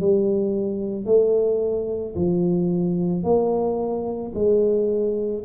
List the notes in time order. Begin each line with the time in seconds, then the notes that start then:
0.00 G3
1.05 A3
2.15 F3
3.23 A#3
4.34 G#3